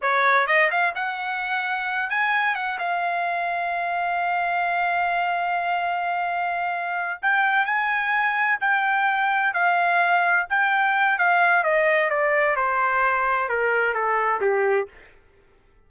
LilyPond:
\new Staff \with { instrumentName = "trumpet" } { \time 4/4 \tempo 4 = 129 cis''4 dis''8 f''8 fis''2~ | fis''8 gis''4 fis''8 f''2~ | f''1~ | f''2.~ f''8 g''8~ |
g''8 gis''2 g''4.~ | g''8 f''2 g''4. | f''4 dis''4 d''4 c''4~ | c''4 ais'4 a'4 g'4 | }